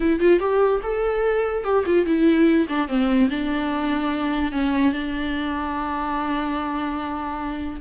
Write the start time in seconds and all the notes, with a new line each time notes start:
0.00 E4
0.20 F4
0.39 G4
0.82 A4
1.63 G4
1.85 F4
2.05 E4
2.68 D4
2.88 C4
3.30 D4
4.52 C#4
4.92 D4